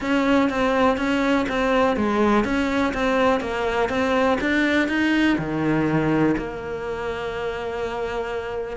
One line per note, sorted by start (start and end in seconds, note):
0.00 0.49 C#4
0.49 0.97 C4
0.97 1.45 C#4
1.49 1.96 C4
1.96 2.44 G#3
2.44 2.93 C#4
2.93 3.40 C4
3.40 3.89 A#3
3.89 4.37 C4
4.40 4.88 D4
4.88 5.37 D#4
5.38 6.35 D#3
6.37 8.77 A#3